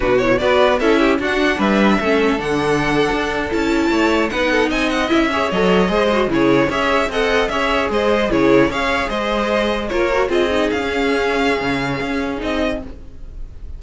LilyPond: <<
  \new Staff \with { instrumentName = "violin" } { \time 4/4 \tempo 4 = 150 b'8 cis''8 d''4 e''4 fis''4 | e''2 fis''2~ | fis''8. a''2 fis''4 gis''16~ | gis''16 fis''8 e''4 dis''2 cis''16~ |
cis''8. e''4 fis''4 e''4 dis''16~ | dis''8. cis''4 f''4 dis''4~ dis''16~ | dis''8. cis''4 dis''4 f''4~ f''16~ | f''2. dis''4 | }
  \new Staff \with { instrumentName = "violin" } { \time 4/4 fis'4 b'4 a'8 g'8 fis'4 | b'4 a'2.~ | a'4.~ a'16 cis''4 b'8 a'8 dis''16~ | dis''4~ dis''16 cis''4. c''4 gis'16~ |
gis'8. cis''4 dis''4 cis''4 c''16~ | c''8. gis'4 cis''4 c''4~ c''16~ | c''8. ais'4 gis'2~ gis'16~ | gis'1 | }
  \new Staff \with { instrumentName = "viola" } { \time 4/4 d'8 e'8 fis'4 e'4 d'4~ | d'4 cis'4 d'2~ | d'8. e'2 dis'4~ dis'16~ | dis'8. e'8 gis'8 a'4 gis'8 fis'8 e'16~ |
e'8. gis'4 a'4 gis'4~ gis'16~ | gis'8. e'4 gis'2~ gis'16~ | gis'8. f'8 fis'8 f'8 dis'8. cis'4~ | cis'2. dis'4 | }
  \new Staff \with { instrumentName = "cello" } { \time 4/4 b,4 b4 cis'4 d'4 | g4 a4 d4.~ d16 d'16~ | d'8. cis'4 a4 b4 c'16~ | c'8. cis'4 fis4 gis4 cis16~ |
cis8. cis'4 c'4 cis'4 gis16~ | gis8. cis4 cis'4 gis4~ gis16~ | gis8. ais4 c'4 cis'4~ cis'16~ | cis'4 cis4 cis'4 c'4 | }
>>